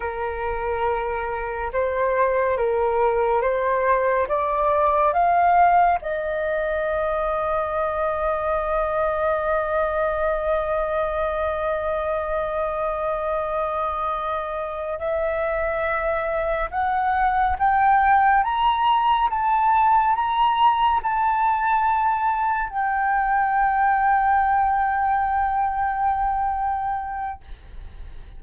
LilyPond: \new Staff \with { instrumentName = "flute" } { \time 4/4 \tempo 4 = 70 ais'2 c''4 ais'4 | c''4 d''4 f''4 dis''4~ | dis''1~ | dis''1~ |
dis''4. e''2 fis''8~ | fis''8 g''4 ais''4 a''4 ais''8~ | ais''8 a''2 g''4.~ | g''1 | }